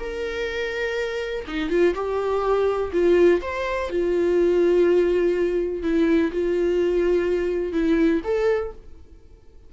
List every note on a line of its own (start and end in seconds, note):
0.00 1.45 A#4
1.47 1.70 D#4
1.70 1.94 F4
1.94 2.91 G4
2.93 3.41 F4
3.41 3.90 C5
3.90 5.83 F4
5.83 6.31 E4
6.32 7.73 F4
7.73 8.21 E4
8.24 8.73 A4